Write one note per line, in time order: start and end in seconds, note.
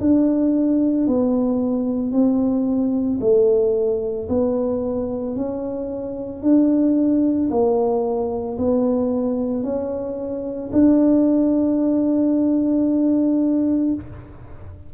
0.00 1.07 D4
1.07 2.12 B3
2.12 3.19 C4
3.21 4.28 A3
4.29 5.36 B3
5.36 6.42 C#4
6.42 7.50 D4
7.50 8.58 A#3
8.58 9.63 B3
9.63 10.70 C#4
10.72 13.94 D4